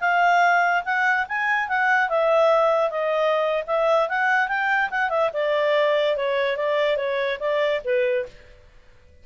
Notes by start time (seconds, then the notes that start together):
0.00 F5
0.84 F#5
1.28 G#5
1.68 F#5
2.09 E5
2.90 D#5
3.67 E5
4.09 F#5
4.48 G5
4.90 F#5
5.09 E5
5.33 D5
6.16 C#5
6.57 D5
6.96 C#5
7.39 D5
7.84 B4